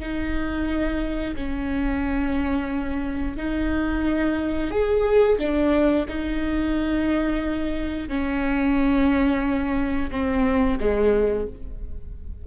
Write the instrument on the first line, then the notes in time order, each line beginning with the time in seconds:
viola
0.00 D#4
1.37 C#4
3.37 D#4
4.71 G#4
5.39 D4
6.09 D#4
8.09 C#4
10.11 C4
10.80 G#3